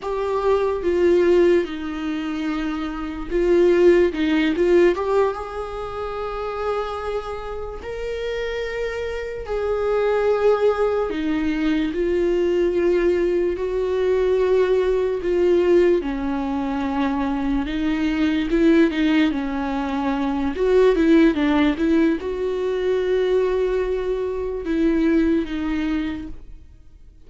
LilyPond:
\new Staff \with { instrumentName = "viola" } { \time 4/4 \tempo 4 = 73 g'4 f'4 dis'2 | f'4 dis'8 f'8 g'8 gis'4.~ | gis'4. ais'2 gis'8~ | gis'4. dis'4 f'4.~ |
f'8 fis'2 f'4 cis'8~ | cis'4. dis'4 e'8 dis'8 cis'8~ | cis'4 fis'8 e'8 d'8 e'8 fis'4~ | fis'2 e'4 dis'4 | }